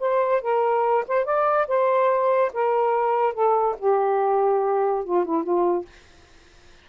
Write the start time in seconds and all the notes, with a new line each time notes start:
0.00 C5
0.42 A#4
1.08 C5
1.25 D5
1.68 C5
2.54 A#4
3.34 A4
3.79 G4
5.05 F4
5.25 E4
5.44 F4